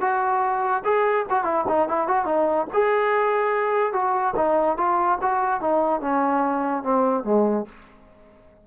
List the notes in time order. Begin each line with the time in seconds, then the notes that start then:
0.00 F#4
0.84 G#4
1.30 F#4
1.44 E4
1.68 D#4
1.88 E4
2.07 F#4
2.25 D#4
2.73 G#4
3.93 F#4
4.36 D#4
4.77 F4
5.21 F#4
5.61 D#4
6.00 C#4
6.83 C4
7.24 G#3